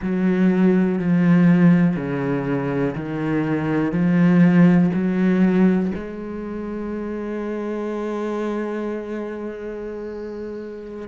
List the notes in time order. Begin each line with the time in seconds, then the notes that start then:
0.02 F#3
0.98 F3
1.96 C#3
2.95 D#3
3.92 F3
4.93 F#3
5.95 G#3